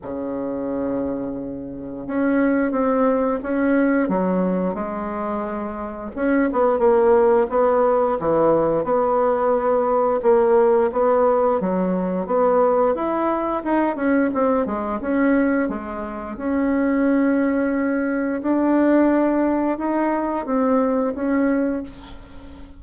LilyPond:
\new Staff \with { instrumentName = "bassoon" } { \time 4/4 \tempo 4 = 88 cis2. cis'4 | c'4 cis'4 fis4 gis4~ | gis4 cis'8 b8 ais4 b4 | e4 b2 ais4 |
b4 fis4 b4 e'4 | dis'8 cis'8 c'8 gis8 cis'4 gis4 | cis'2. d'4~ | d'4 dis'4 c'4 cis'4 | }